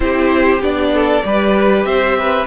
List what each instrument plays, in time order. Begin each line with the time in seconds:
0.00 cello C4, viola E4, violin G4 C5
0.60 cello B3, viola D4, violin D5
0.93 violin A4
1.24 cello G3, viola G4, violin B4
1.84 cello C4, violin C5 E5
2.18 violin B4